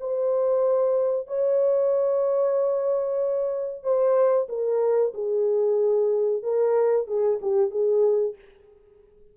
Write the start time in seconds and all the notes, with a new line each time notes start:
0.00 C5
1.27 C#5
3.83 C5
4.49 A#4
5.14 G#4
6.43 A#4
7.07 G#4
7.42 G4
7.71 G#4